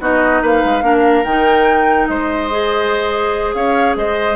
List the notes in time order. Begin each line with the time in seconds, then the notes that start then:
0.00 B3 D#4 F#4 D#5
0.42 A#3 B4 F5
0.65 G#3
0.82 A#3 D4 A#4
1.24 D#3 D#4 G5
2.07 G#3 C5 D#5
2.50 G#4
3.54 C#4 C#5 F5
3.96 G#3 C5 D#5